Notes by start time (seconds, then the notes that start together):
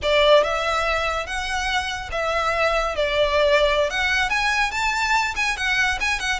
0.02 D5
0.43 E5
1.26 F#5
2.11 E5
2.95 D5
3.90 F#5
4.29 G#5
4.71 A5
5.36 G#5
5.56 F#5
6.00 G#5
6.19 F#5